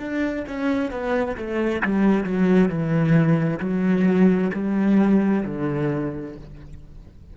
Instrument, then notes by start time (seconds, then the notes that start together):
cello
0.00 D4
0.48 C#4
0.91 B3
1.37 A3
1.83 G3
2.24 F#3
2.69 E3
3.60 F#3
4.54 G3
5.45 D3